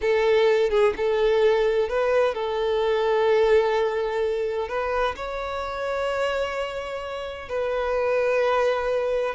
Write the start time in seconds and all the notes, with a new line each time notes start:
0.01 A4
0.70 G#4
0.96 A4
1.89 B4
2.34 A4
4.68 B4
5.16 C#5
7.49 B4